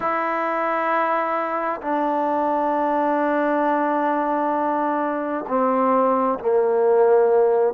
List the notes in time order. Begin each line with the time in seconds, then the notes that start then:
0.00 E4
1.81 D4
5.48 C4
6.39 A#3